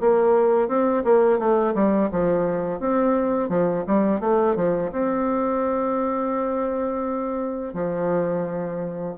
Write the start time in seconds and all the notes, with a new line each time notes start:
0.00 A#3
0.68 C4
1.04 A#3
1.39 A3
1.74 G3
2.11 F3
2.79 C4
3.49 F3
3.87 G3
4.20 A3
4.56 F3
4.92 C4
7.73 F3